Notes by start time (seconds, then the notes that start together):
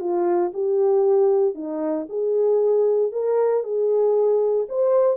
0.00 F4
0.53 G4
1.54 D#4
2.09 G#4
3.12 A#4
3.63 G#4
4.69 C5